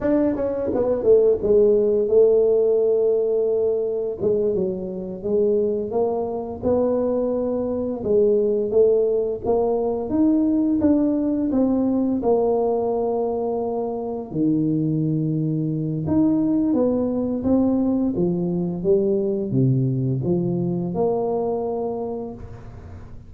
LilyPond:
\new Staff \with { instrumentName = "tuba" } { \time 4/4 \tempo 4 = 86 d'8 cis'8 b8 a8 gis4 a4~ | a2 gis8 fis4 gis8~ | gis8 ais4 b2 gis8~ | gis8 a4 ais4 dis'4 d'8~ |
d'8 c'4 ais2~ ais8~ | ais8 dis2~ dis8 dis'4 | b4 c'4 f4 g4 | c4 f4 ais2 | }